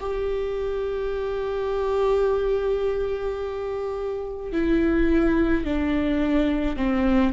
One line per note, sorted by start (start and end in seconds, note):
0.00 4.53 G4
4.53 5.65 E4
5.65 6.77 D4
6.77 7.33 C4